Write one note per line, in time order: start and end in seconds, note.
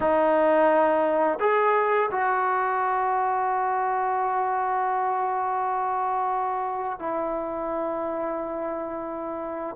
0.00 1.38 D#4
1.40 2.09 G#4
2.11 6.99 F#4
6.99 9.75 E4